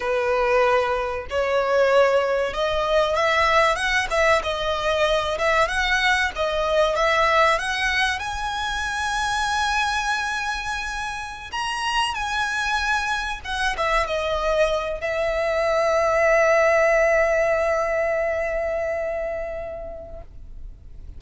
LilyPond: \new Staff \with { instrumentName = "violin" } { \time 4/4 \tempo 4 = 95 b'2 cis''2 | dis''4 e''4 fis''8 e''8 dis''4~ | dis''8 e''8 fis''4 dis''4 e''4 | fis''4 gis''2.~ |
gis''2~ gis''16 ais''4 gis''8.~ | gis''4~ gis''16 fis''8 e''8 dis''4. e''16~ | e''1~ | e''1 | }